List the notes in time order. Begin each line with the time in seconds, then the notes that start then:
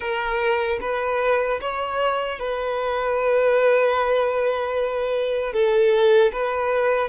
0.00 A#4
0.81 B4
1.60 C#5
2.39 B4
5.53 A4
6.32 B4